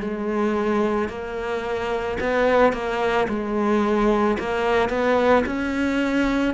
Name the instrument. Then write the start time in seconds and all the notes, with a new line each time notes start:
cello
0.00 G#3
1.09 A#3
2.20 B3
2.73 A#3
3.28 G#3
4.39 A#3
4.89 B3
5.45 C#4